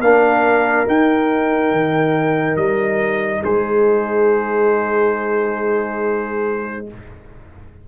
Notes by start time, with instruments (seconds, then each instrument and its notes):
0.00 tuba A#3, trombone D4, horn A#4, trumpet F5
0.87 trombone D#4, tuba D#4, trumpet G5
1.72 tuba D#3
2.56 tuba G3, trumpet D#5
3.43 tuba G#3, horn G#4, trumpet C5